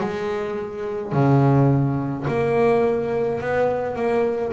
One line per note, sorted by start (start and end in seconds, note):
0.00 1.12 G#3
1.12 2.25 C#3
2.27 3.41 A#3
3.41 3.95 B3
3.95 4.52 A#3